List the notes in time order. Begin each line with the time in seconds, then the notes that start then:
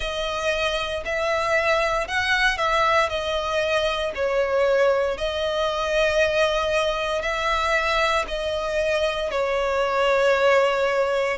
0.00 D#5
1.05 E5
2.07 F#5
2.57 E5
3.08 D#5
4.14 C#5
5.17 D#5
7.21 E5
8.27 D#5
9.31 C#5